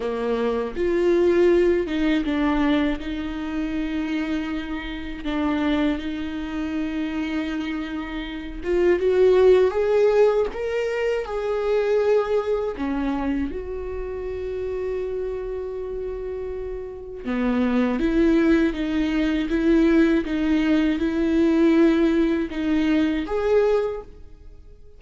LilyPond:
\new Staff \with { instrumentName = "viola" } { \time 4/4 \tempo 4 = 80 ais4 f'4. dis'8 d'4 | dis'2. d'4 | dis'2.~ dis'8 f'8 | fis'4 gis'4 ais'4 gis'4~ |
gis'4 cis'4 fis'2~ | fis'2. b4 | e'4 dis'4 e'4 dis'4 | e'2 dis'4 gis'4 | }